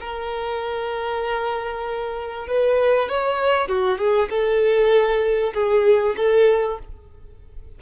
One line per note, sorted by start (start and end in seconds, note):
0.00 2.47 A#4
2.47 3.09 B4
3.09 3.68 C#5
3.68 3.98 F#4
3.98 4.29 G#4
4.30 5.53 A4
5.54 6.15 G#4
6.17 6.79 A4